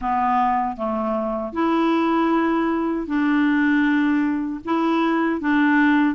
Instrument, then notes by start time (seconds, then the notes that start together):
clarinet
0.01 B3
0.76 A3
1.52 E4
3.06 D4
4.65 E4
5.41 D4